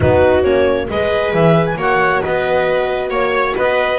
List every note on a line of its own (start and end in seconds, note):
0.00 0.43 B3
0.00 0.43 D#4
0.00 0.87 F#4
0.00 0.43 B4
0.43 0.87 A#3
0.43 0.88 C#4
0.43 0.87 C#5
0.89 1.33 G#3
0.89 1.77 G#4
0.89 1.77 B4
0.89 1.34 D#5
1.33 1.76 E3
1.33 1.66 E5
1.66 1.77 G#5
1.76 2.20 A#3
1.76 3.99 F#4
1.76 2.21 C#5
1.76 2.22 F#5
2.21 3.10 B3
2.21 3.10 B4
2.21 3.10 D#5
3.10 3.54 A#3
3.10 3.54 C#5
3.10 3.57 C#5
3.56 3.99 B3
3.56 3.99 B4
3.56 3.99 D#5